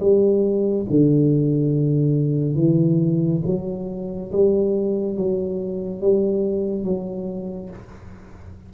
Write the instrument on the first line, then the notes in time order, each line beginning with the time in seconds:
tuba
0.00 G3
0.90 D3
2.55 E3
3.46 F#3
4.32 G3
5.17 F#3
6.01 G3
6.84 F#3